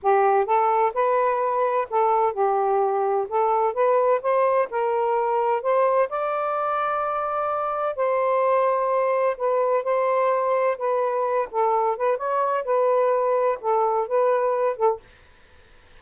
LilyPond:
\new Staff \with { instrumentName = "saxophone" } { \time 4/4 \tempo 4 = 128 g'4 a'4 b'2 | a'4 g'2 a'4 | b'4 c''4 ais'2 | c''4 d''2.~ |
d''4 c''2. | b'4 c''2 b'4~ | b'8 a'4 b'8 cis''4 b'4~ | b'4 a'4 b'4. a'8 | }